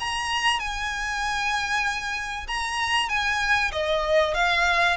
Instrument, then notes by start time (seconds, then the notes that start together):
violin
0.00 A#5
0.60 G#5
2.48 A#5
3.09 G#5
3.72 D#5
4.35 F5